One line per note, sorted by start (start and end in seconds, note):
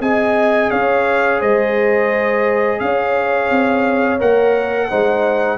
0.00 0.70 C4
0.00 4.19 G#4
0.00 0.71 D#5
0.00 0.71 G#5
0.71 1.41 C#4
0.71 1.40 C#5
0.71 1.40 F5
1.40 2.80 G#3
1.40 2.79 C5
1.40 2.79 D#5
2.79 3.50 C#4
2.79 4.89 C#5
2.79 4.19 F5
3.50 4.20 C4
4.19 4.91 A#3
4.19 4.89 A#4
4.19 5.58 F#5
4.89 5.58 G#3
4.89 5.58 D#4
4.89 5.58 C5